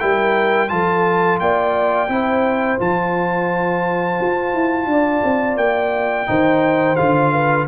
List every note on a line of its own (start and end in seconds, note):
0.00 0.72 G3
0.00 0.69 E4
0.00 0.71 A#4
0.00 0.69 G5
0.69 1.41 F3
0.69 2.09 F4
0.69 1.42 A4
0.69 1.39 A5
1.40 2.09 A#3
1.40 2.12 D5
1.40 2.80 G5
2.09 2.79 C4
2.09 2.78 E4
2.09 4.91 C5
2.78 4.20 F3
2.78 6.27 F4
2.78 5.58 A5
4.21 4.55 F4
4.55 4.87 E4
4.87 5.22 D4
4.87 6.30 D5
5.24 5.57 C4
5.57 6.27 A#3
5.57 6.97 G5
6.27 6.99 D#3
6.27 6.97 D#4
6.27 7.33 C5
6.97 7.68 D3
6.97 7.68 F4
6.97 7.66 F5
7.33 7.68 B4